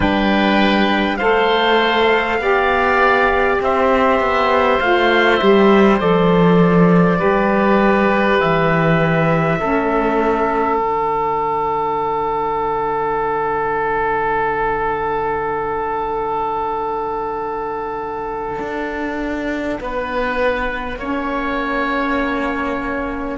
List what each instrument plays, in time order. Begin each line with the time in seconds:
0.00 cello G3, saxophone D4, oboe B4, trumpet G5
1.17 cello A3, saxophone A4, oboe C5, trumpet F5
2.39 cello B3, saxophone G4, oboe D5
3.60 cello C4, oboe C5, trumpet E5
4.20 cello B3
4.80 cello A3, saxophone F4, trumpet F5
5.36 cello G3, saxophone G4, trumpet E5
5.98 cello F3, saxophone A4, trumpet D5
7.17 cello G3, saxophone G4, oboe B4
8.39 cello E3, trumpet E5
9.60 cello A3, saxophone C#4, oboe A4
10.79 cello D3, saxophone D4, trumpet F#5
18.59 cello D4
19.80 cello B3, oboe B4
20.96 cello A#3, saxophone C#4, oboe C#5